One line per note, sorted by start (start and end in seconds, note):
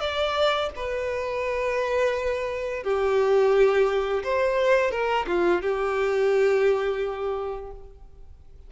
0.00 0.70 D5
0.76 2.84 B4
2.84 4.23 G4
4.23 4.91 C5
4.91 5.26 A#4
5.27 5.62 F4
5.62 7.71 G4